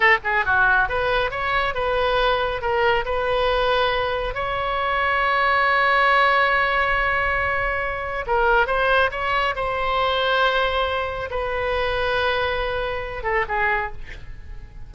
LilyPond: \new Staff \with { instrumentName = "oboe" } { \time 4/4 \tempo 4 = 138 a'8 gis'8 fis'4 b'4 cis''4 | b'2 ais'4 b'4~ | b'2 cis''2~ | cis''1~ |
cis''2. ais'4 | c''4 cis''4 c''2~ | c''2 b'2~ | b'2~ b'8 a'8 gis'4 | }